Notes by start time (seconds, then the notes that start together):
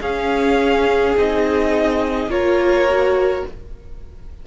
0.00 C#4 G#4 F5
1.17 C4 D#4 D#5
2.28 A#3 F4 A#4 C#5
2.90 F#4